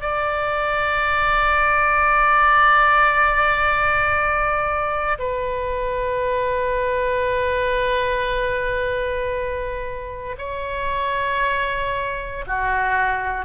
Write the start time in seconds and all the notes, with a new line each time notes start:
0.00 D5
5.18 B4
10.37 C#5
12.47 F#4